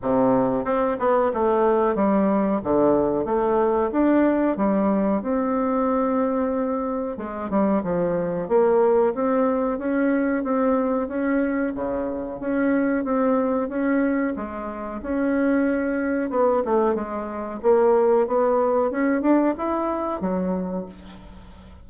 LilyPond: \new Staff \with { instrumentName = "bassoon" } { \time 4/4 \tempo 4 = 92 c4 c'8 b8 a4 g4 | d4 a4 d'4 g4 | c'2. gis8 g8 | f4 ais4 c'4 cis'4 |
c'4 cis'4 cis4 cis'4 | c'4 cis'4 gis4 cis'4~ | cis'4 b8 a8 gis4 ais4 | b4 cis'8 d'8 e'4 fis4 | }